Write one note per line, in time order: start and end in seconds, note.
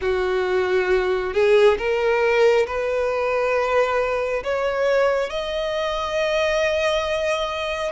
0.01 1.33 F#4
1.33 1.77 G#4
1.78 2.66 A#4
2.66 4.43 B4
4.43 5.29 C#5
5.29 7.92 D#5